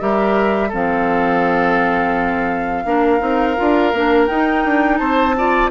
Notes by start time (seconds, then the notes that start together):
0.00 G3 G4 A#4 E5
0.69 F3 C4 A4 F5
2.85 A#3 D4 A#4
3.20 C4 D#4
3.57 D4 F4
3.93 A#3 D4
4.27 D#4 G5
4.65 D4
4.98 C4 C5 A5
5.37 F4 D5